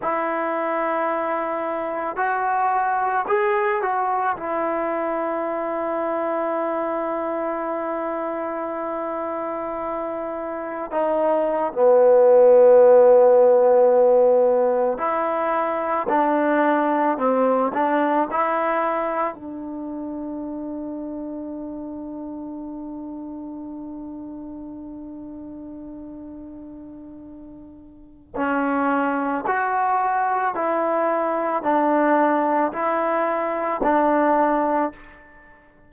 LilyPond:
\new Staff \with { instrumentName = "trombone" } { \time 4/4 \tempo 4 = 55 e'2 fis'4 gis'8 fis'8 | e'1~ | e'2 dis'8. b4~ b16~ | b4.~ b16 e'4 d'4 c'16~ |
c'16 d'8 e'4 d'2~ d'16~ | d'1~ | d'2 cis'4 fis'4 | e'4 d'4 e'4 d'4 | }